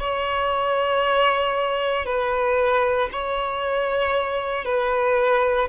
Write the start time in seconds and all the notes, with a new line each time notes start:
0.00 C#5
2.06 B4
3.12 C#5
4.65 B4